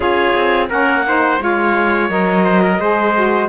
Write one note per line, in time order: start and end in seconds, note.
0.00 0.34 C#4
0.00 0.67 F4
0.00 0.69 G#4
0.00 0.68 C#5
0.34 0.69 C4
0.69 1.39 A#3
0.69 1.05 C#4
0.69 1.04 A#4
0.69 1.40 F#5
1.06 1.39 D#4
1.06 1.42 C5
1.39 2.09 G#3
1.39 2.09 F4
1.39 2.44 C#5
1.39 2.09 F5
2.09 2.78 F#3
2.09 2.79 A#4
2.09 3.49 D#5
2.44 2.61 C5
2.62 2.80 A#4
2.79 3.48 G#3
2.79 3.14 G#4
2.79 3.49 C5
3.14 3.49 F#4